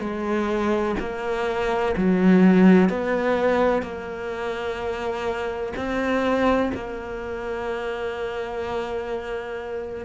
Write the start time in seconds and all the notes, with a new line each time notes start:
0.00 G#3
1.00 A#3
1.97 F#3
2.89 B3
3.82 A#3
5.76 C4
6.74 A#3